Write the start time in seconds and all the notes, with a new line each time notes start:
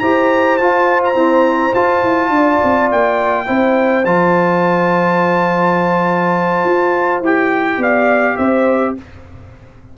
0.00 E4 G4 C5 A#5
0.58 F4 A5
1.05 A#5
1.15 C4 E4
1.75 F4 A5
2.04 E4
2.30 D4 D5
2.64 C4
2.92 A#3 G5
3.47 C4 E4 C5
4.05 F3 F4 A5
6.65 F4
7.21 E4 G4 G5
7.78 B3 D5 F5
8.37 C4 C5 E5